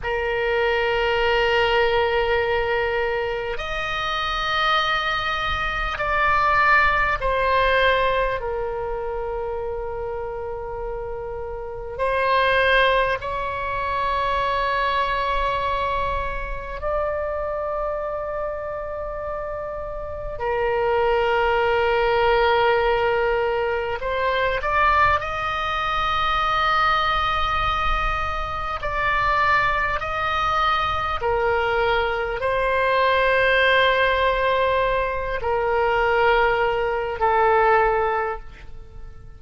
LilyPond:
\new Staff \with { instrumentName = "oboe" } { \time 4/4 \tempo 4 = 50 ais'2. dis''4~ | dis''4 d''4 c''4 ais'4~ | ais'2 c''4 cis''4~ | cis''2 d''2~ |
d''4 ais'2. | c''8 d''8 dis''2. | d''4 dis''4 ais'4 c''4~ | c''4. ais'4. a'4 | }